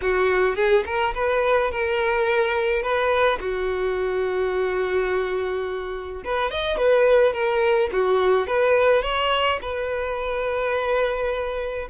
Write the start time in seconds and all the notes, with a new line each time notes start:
0.01 F#4
0.55 G#4
0.85 A#4
1.14 B4
1.71 A#4
2.82 B4
3.40 F#4
6.24 B4
6.51 D#5
6.77 B4
7.33 A#4
7.92 F#4
8.47 B4
9.02 C#5
9.61 B4